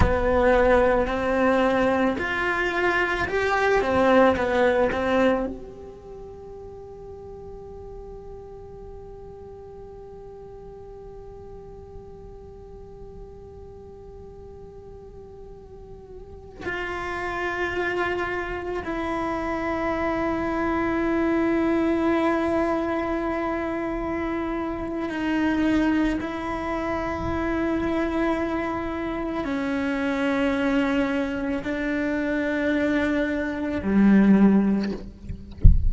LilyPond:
\new Staff \with { instrumentName = "cello" } { \time 4/4 \tempo 4 = 55 b4 c'4 f'4 g'8 c'8 | b8 c'8 g'2.~ | g'1~ | g'2.~ g'16 f'8.~ |
f'4~ f'16 e'2~ e'8.~ | e'2. dis'4 | e'2. cis'4~ | cis'4 d'2 g4 | }